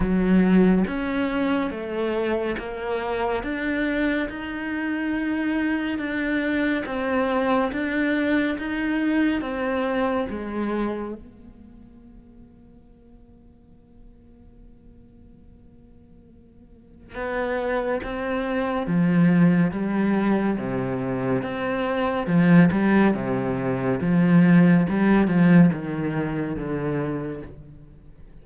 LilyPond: \new Staff \with { instrumentName = "cello" } { \time 4/4 \tempo 4 = 70 fis4 cis'4 a4 ais4 | d'4 dis'2 d'4 | c'4 d'4 dis'4 c'4 | gis4 ais2.~ |
ais1 | b4 c'4 f4 g4 | c4 c'4 f8 g8 c4 | f4 g8 f8 dis4 d4 | }